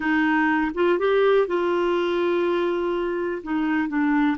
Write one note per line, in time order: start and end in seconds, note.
0.00 0.71 D#4
0.74 0.98 F4
0.98 1.47 G4
1.47 3.42 F4
3.43 3.88 D#4
3.88 4.37 D4